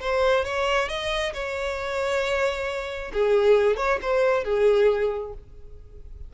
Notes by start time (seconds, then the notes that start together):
0.00 C5
0.44 C#5
0.88 D#5
1.34 C#5
3.13 G#4
3.76 C#5
4.01 C5
4.44 G#4